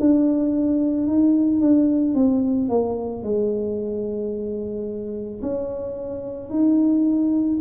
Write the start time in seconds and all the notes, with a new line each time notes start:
0.00 D4
1.07 D#4
1.61 D4
2.15 C4
2.69 A#3
3.23 G#3
5.42 C#4
6.50 D#4